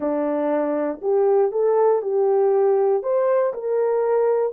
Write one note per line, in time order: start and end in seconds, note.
0.00 1.00 D4
1.01 1.51 G4
1.51 2.02 A4
2.02 3.03 G4
3.03 3.53 C5
3.53 4.53 A#4